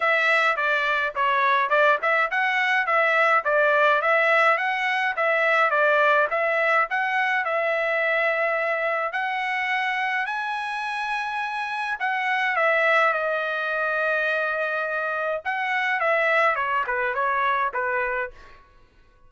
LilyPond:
\new Staff \with { instrumentName = "trumpet" } { \time 4/4 \tempo 4 = 105 e''4 d''4 cis''4 d''8 e''8 | fis''4 e''4 d''4 e''4 | fis''4 e''4 d''4 e''4 | fis''4 e''2. |
fis''2 gis''2~ | gis''4 fis''4 e''4 dis''4~ | dis''2. fis''4 | e''4 cis''8 b'8 cis''4 b'4 | }